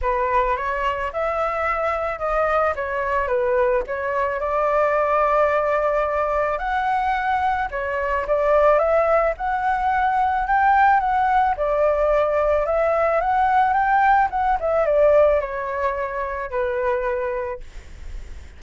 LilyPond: \new Staff \with { instrumentName = "flute" } { \time 4/4 \tempo 4 = 109 b'4 cis''4 e''2 | dis''4 cis''4 b'4 cis''4 | d''1 | fis''2 cis''4 d''4 |
e''4 fis''2 g''4 | fis''4 d''2 e''4 | fis''4 g''4 fis''8 e''8 d''4 | cis''2 b'2 | }